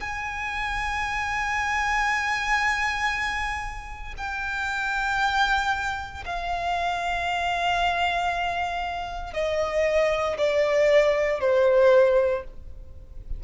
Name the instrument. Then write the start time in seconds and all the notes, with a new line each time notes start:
violin
0.00 G#5
4.17 G5
6.25 F5
9.33 D#5
10.38 D5
11.40 C5